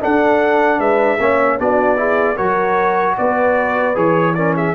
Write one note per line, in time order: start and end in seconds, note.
0.00 1.18 D4
0.00 0.79 D4
0.00 0.79 A4
0.00 0.80 F#5
0.79 1.18 G#3
0.79 1.19 B4
0.79 1.59 E5
1.19 1.59 A#3
1.19 1.59 C#4
1.19 1.59 C#5
1.59 2.38 B3
1.59 1.97 D4
1.59 1.98 F#4
1.59 2.37 D5
1.97 2.36 E4
1.97 2.35 G#4
2.35 3.18 F#3
2.35 3.95 F#4
2.35 3.14 A#4
2.35 3.16 C#5
3.18 3.96 B3
3.18 4.36 B4
3.18 3.97 D5
3.95 4.75 E3
3.95 4.35 G#4
3.95 4.35 C#5
4.35 4.75 C#4
4.35 4.56 A#4
4.35 4.54 D5
4.56 4.75 G#4
4.56 4.75 E5